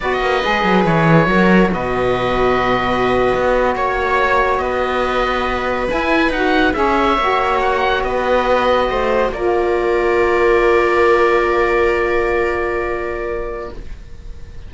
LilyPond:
<<
  \new Staff \with { instrumentName = "oboe" } { \time 4/4 \tempo 4 = 140 dis''2 cis''2 | dis''1~ | dis''8. cis''2 dis''4~ dis''16~ | dis''4.~ dis''16 gis''4 fis''4 e''16~ |
e''4.~ e''16 fis''4 dis''4~ dis''16~ | dis''4.~ dis''16 d''2~ d''16~ | d''1~ | d''1 | }
  \new Staff \with { instrumentName = "viola" } { \time 4/4 b'2. ais'4 | b'1~ | b'8. cis''2 b'4~ b'16~ | b'2.~ b'8. cis''16~ |
cis''2~ cis''8. b'4~ b'16~ | b'8. c''4 ais'2~ ais'16~ | ais'1~ | ais'1 | }
  \new Staff \with { instrumentName = "saxophone" } { \time 4/4 fis'4 gis'2 fis'4~ | fis'1~ | fis'1~ | fis'4.~ fis'16 e'4 fis'4 gis'16~ |
gis'8. fis'2.~ fis'16~ | fis'4.~ fis'16 f'2~ f'16~ | f'1~ | f'1 | }
  \new Staff \with { instrumentName = "cello" } { \time 4/4 b8 ais8 gis8 fis8 e4 fis4 | b,2.~ b,8. b16~ | b8. ais2 b4~ b16~ | b4.~ b16 e'4 dis'4 cis'16~ |
cis'8. ais2 b4~ b16~ | b8. a4 ais2~ ais16~ | ais1~ | ais1 | }
>>